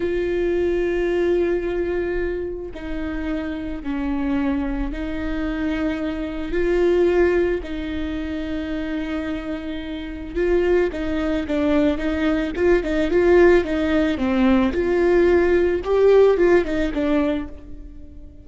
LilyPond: \new Staff \with { instrumentName = "viola" } { \time 4/4 \tempo 4 = 110 f'1~ | f'4 dis'2 cis'4~ | cis'4 dis'2. | f'2 dis'2~ |
dis'2. f'4 | dis'4 d'4 dis'4 f'8 dis'8 | f'4 dis'4 c'4 f'4~ | f'4 g'4 f'8 dis'8 d'4 | }